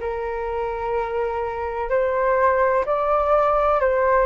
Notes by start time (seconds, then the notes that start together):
0.00 A#4
1.90 C5
2.86 D5
3.81 C5